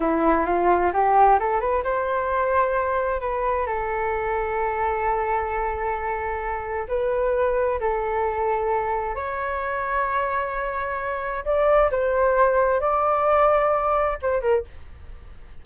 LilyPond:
\new Staff \with { instrumentName = "flute" } { \time 4/4 \tempo 4 = 131 e'4 f'4 g'4 a'8 b'8 | c''2. b'4 | a'1~ | a'2. b'4~ |
b'4 a'2. | cis''1~ | cis''4 d''4 c''2 | d''2. c''8 ais'8 | }